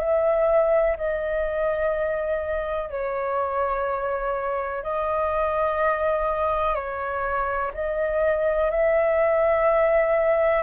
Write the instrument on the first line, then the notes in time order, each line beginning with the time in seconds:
flute
0.00 E5
0.97 D#5
2.90 C#5
4.83 D#5
6.75 C#5
7.74 D#5
8.71 E5